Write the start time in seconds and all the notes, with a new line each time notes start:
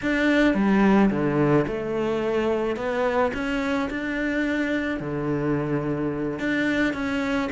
0.02 D4
0.54 G3
1.10 D3
1.67 A3
2.76 B3
3.33 C#4
3.89 D4
5.00 D3
6.39 D4
6.93 C#4